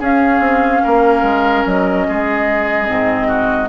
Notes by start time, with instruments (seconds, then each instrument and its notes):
0.00 bassoon C#4, clarinet C#4, oboe G#4, flute F5
0.40 bassoon C4
0.84 bassoon A#3, oboe A#4
1.23 bassoon G#3
1.66 bassoon F#3, flute D#5
2.08 bassoon G#3, oboe G#4
2.86 bassoon G#2, clarinet C4
3.28 oboe F#4